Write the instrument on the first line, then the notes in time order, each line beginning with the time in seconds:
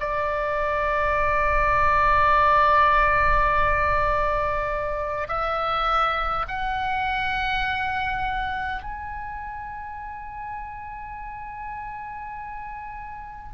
oboe
0.00 D5
5.28 E5
6.48 F#5
8.83 G#5